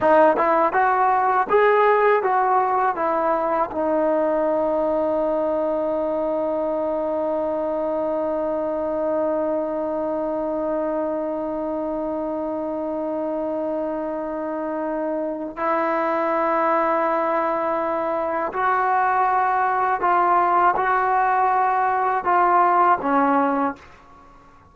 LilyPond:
\new Staff \with { instrumentName = "trombone" } { \time 4/4 \tempo 4 = 81 dis'8 e'8 fis'4 gis'4 fis'4 | e'4 dis'2.~ | dis'1~ | dis'1~ |
dis'1~ | dis'4 e'2.~ | e'4 fis'2 f'4 | fis'2 f'4 cis'4 | }